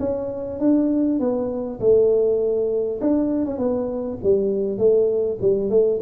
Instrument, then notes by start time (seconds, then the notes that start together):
tuba
0.00 C#4
0.60 D4
1.20 B3
1.81 A3
3.01 D4
3.46 C#4
3.59 B3
4.24 G3
4.78 A3
5.42 G3
5.70 A3